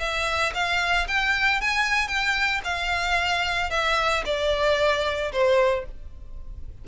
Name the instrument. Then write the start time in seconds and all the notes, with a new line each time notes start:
violin
0.00 E5
0.54 F5
1.08 G5
1.61 G#5
2.08 G5
2.65 F5
3.71 E5
4.26 D5
5.32 C5